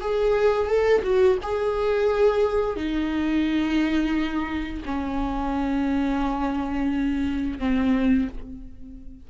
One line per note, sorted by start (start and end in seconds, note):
0.00 0.67 G#4
0.67 1.02 A4
1.03 1.37 F#4
1.42 2.76 G#4
2.76 4.83 D#4
4.85 7.59 C#4
7.59 8.28 C4